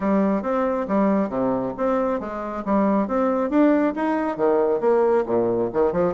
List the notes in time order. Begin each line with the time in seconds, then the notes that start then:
0.00 G3
0.42 C4
0.88 G3
1.29 C3
1.77 C4
2.20 G#3
2.65 G3
3.07 C4
3.49 D4
3.95 D#4
4.37 D#3
4.80 A#3
5.26 A#2
5.73 D#3
5.92 F3